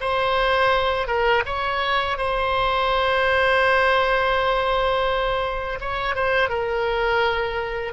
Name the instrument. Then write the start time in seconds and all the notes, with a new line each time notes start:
oboe
0.00 C5
1.06 A#4
1.45 C#5
2.17 C5
5.80 C#5
6.15 C5
6.49 A#4